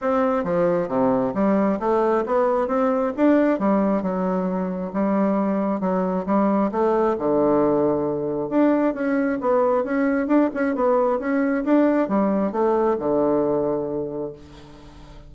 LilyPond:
\new Staff \with { instrumentName = "bassoon" } { \time 4/4 \tempo 4 = 134 c'4 f4 c4 g4 | a4 b4 c'4 d'4 | g4 fis2 g4~ | g4 fis4 g4 a4 |
d2. d'4 | cis'4 b4 cis'4 d'8 cis'8 | b4 cis'4 d'4 g4 | a4 d2. | }